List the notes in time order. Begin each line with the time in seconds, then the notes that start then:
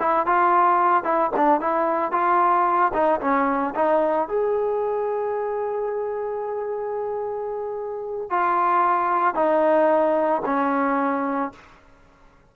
0.00 E4
0.27 F4
1.04 E4
1.37 D4
1.61 E4
2.12 F4
2.93 D#4
3.21 C#4
3.75 D#4
4.28 G#4
8.30 F4
9.35 D#4
10.45 C#4